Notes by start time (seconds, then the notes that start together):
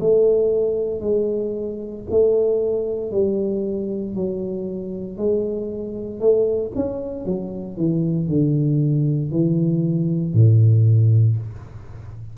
0.00 A3
1.01 G#3
2.10 A3
3.12 G3
4.15 F#3
5.17 G#3
6.20 A3
6.75 C#4
7.26 F#3
7.77 E3
8.28 D3
9.32 E3
10.34 A2